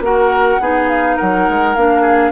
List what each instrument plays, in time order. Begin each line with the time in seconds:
0.00 bassoon A#3, clarinet F#4, oboe A#4, flute F#5
0.60 bassoon B3, clarinet D#4, oboe G#4
0.88 flute F5
1.16 bassoon F#3, oboe A#4, flute F#5
1.49 bassoon G#3
1.75 bassoon A#3, clarinet D4, flute F5
2.01 oboe G#4